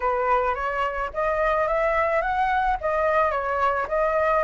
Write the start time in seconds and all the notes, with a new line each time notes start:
0.00 B4
0.55 C#5
1.13 D#5
1.67 E5
2.21 F#5
2.81 D#5
3.31 C#5
3.87 D#5